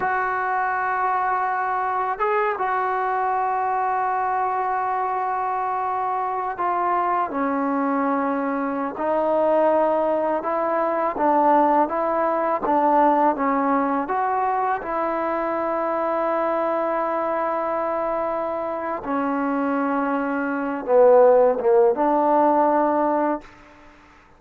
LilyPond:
\new Staff \with { instrumentName = "trombone" } { \time 4/4 \tempo 4 = 82 fis'2. gis'8 fis'8~ | fis'1~ | fis'4 f'4 cis'2~ | cis'16 dis'2 e'4 d'8.~ |
d'16 e'4 d'4 cis'4 fis'8.~ | fis'16 e'2.~ e'8.~ | e'2 cis'2~ | cis'8 b4 ais8 d'2 | }